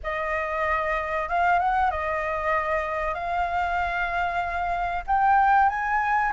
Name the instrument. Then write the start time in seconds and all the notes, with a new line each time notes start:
flute
0.03 D#5
1.28 F5
1.59 F#5
1.90 D#5
3.14 F5
5.06 G5
5.69 G#5